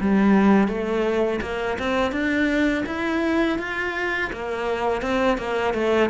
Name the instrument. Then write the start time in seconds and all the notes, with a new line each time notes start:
cello
0.00 G3
0.68 A3
1.42 A#3
1.79 C4
2.12 D4
2.86 E4
3.58 F4
4.33 A#3
5.02 C4
5.38 A#3
5.74 A3